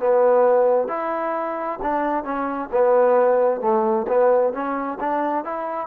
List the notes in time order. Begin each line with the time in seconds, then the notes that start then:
0.00 B3
0.88 E4
1.82 D4
2.24 C#4
2.72 B3
3.61 A3
4.08 B3
4.53 C#4
5.00 D4
5.45 E4